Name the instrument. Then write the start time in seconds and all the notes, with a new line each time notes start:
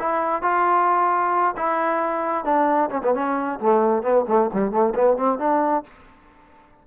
trombone
0.00 E4
0.42 F4
1.57 E4
2.45 D4
2.91 C#4
3.03 B3
3.15 C#4
3.60 A3
4.03 B3
4.28 A3
4.54 G3
4.72 A3
4.95 B3
5.18 C4
5.39 D4